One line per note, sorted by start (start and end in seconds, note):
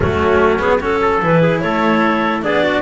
0.00 1.22 F#3
0.00 0.59 A3
0.00 0.78 C#4
0.00 0.59 F#4
0.59 0.79 B3
0.59 0.79 G#4
0.80 1.21 C#4
0.80 1.00 F#4
0.80 1.22 A4
1.01 1.42 A4
1.22 1.62 E3
1.22 2.42 E4
1.22 1.60 B4
1.42 1.62 G#4
1.60 2.44 A3
1.60 2.43 A4
1.60 2.41 C#5
2.42 2.81 B3
2.42 2.81 D4
2.42 2.63 G#4
2.42 2.81 D5
2.63 2.81 F#4